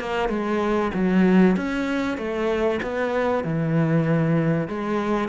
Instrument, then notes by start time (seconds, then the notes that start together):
cello
0.00 A#3
0.28 G#3
0.93 F#3
1.56 C#4
2.17 A3
2.82 B3
3.44 E3
4.68 G#3